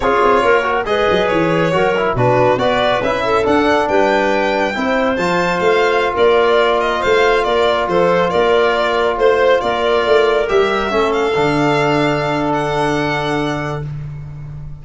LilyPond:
<<
  \new Staff \with { instrumentName = "violin" } { \time 4/4 \tempo 4 = 139 cis''2 dis''4 cis''4~ | cis''4 b'4 d''4 e''4 | fis''4 g''2. | a''4 f''4~ f''16 d''4. dis''16~ |
dis''16 f''4 d''4 c''4 d''8.~ | d''4~ d''16 c''4 d''4.~ d''16~ | d''16 e''4. f''2~ f''16~ | f''4 fis''2. | }
  \new Staff \with { instrumentName = "clarinet" } { \time 4/4 gis'4 ais'4 b'2 | ais'4 fis'4 b'4. a'8~ | a'4 b'2 c''4~ | c''2~ c''16 ais'4.~ ais'16~ |
ais'16 c''4 ais'4 a'4 ais'8.~ | ais'4~ ais'16 c''4 ais'4.~ ais'16~ | ais'4~ ais'16 a'2~ a'8.~ | a'1 | }
  \new Staff \with { instrumentName = "trombone" } { \time 4/4 f'4. fis'8 gis'2 | fis'8 e'8 d'4 fis'4 e'4 | d'2. e'4 | f'1~ |
f'1~ | f'1~ | f'16 g'4 cis'4 d'4.~ d'16~ | d'1 | }
  \new Staff \with { instrumentName = "tuba" } { \time 4/4 cis'8 c'8 ais4 gis8 fis8 e4 | fis4 b,4 b4 cis'4 | d'4 g2 c'4 | f4 a4~ a16 ais4.~ ais16~ |
ais16 a4 ais4 f4 ais8.~ | ais4~ ais16 a4 ais4 a8.~ | a16 g4 a4 d4.~ d16~ | d1 | }
>>